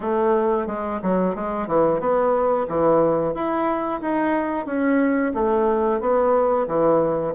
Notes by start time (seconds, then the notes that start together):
0.00 A3
0.67 G#3
1.02 F#3
1.35 G#3
1.67 E3
2.00 B3
2.68 E3
3.34 E4
4.01 D#4
4.66 C#4
5.34 A3
6.00 B3
6.67 E3